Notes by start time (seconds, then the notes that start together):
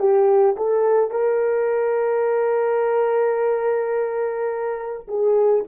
0.00 G4
0.57 A4
1.11 A#4
5.08 G#4